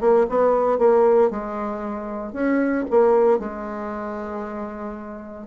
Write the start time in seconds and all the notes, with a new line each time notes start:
0.00 A#3
0.29 B3
0.78 A#3
1.30 G#3
2.32 C#4
2.90 A#3
3.39 G#3